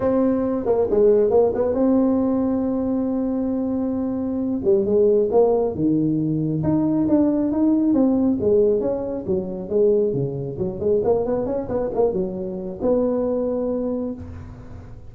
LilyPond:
\new Staff \with { instrumentName = "tuba" } { \time 4/4 \tempo 4 = 136 c'4. ais8 gis4 ais8 b8 | c'1~ | c'2~ c'8 g8 gis4 | ais4 dis2 dis'4 |
d'4 dis'4 c'4 gis4 | cis'4 fis4 gis4 cis4 | fis8 gis8 ais8 b8 cis'8 b8 ais8 fis8~ | fis4 b2. | }